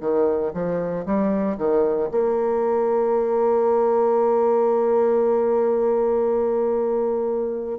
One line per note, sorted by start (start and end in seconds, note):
0.00 0.52 D#3
0.53 1.05 F3
1.05 1.57 G3
1.57 2.09 D#3
2.11 7.79 A#3